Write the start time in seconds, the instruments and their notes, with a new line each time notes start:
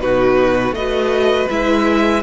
0.00 cello B2, viola D#4, violin F#4 B4
0.72 cello A3, violin B4 D#5
0.78 viola F#4
1.49 cello G#3, viola E4, violin E5